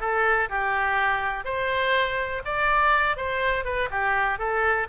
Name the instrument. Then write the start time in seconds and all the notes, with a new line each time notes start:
oboe
0.00 A4
0.49 G4
1.44 C5
2.45 D5
3.16 C5
3.65 B4
3.90 G4
4.38 A4